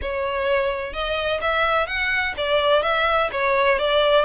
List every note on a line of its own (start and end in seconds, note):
0.01 0.93 C#5
0.93 1.40 D#5
1.41 1.86 E5
1.86 2.34 F#5
2.37 2.82 D5
2.82 3.29 E5
3.32 3.79 C#5
3.79 4.24 D5